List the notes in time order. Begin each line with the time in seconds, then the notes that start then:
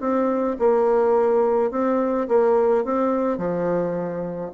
0.00 C4
0.59 A#3
1.71 C4
2.28 A#3
2.84 C4
3.37 F3